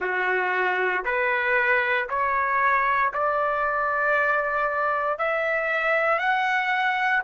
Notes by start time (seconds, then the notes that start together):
0.00 F#4
1.04 B4
2.09 C#5
3.13 D5
5.18 E5
6.18 F#5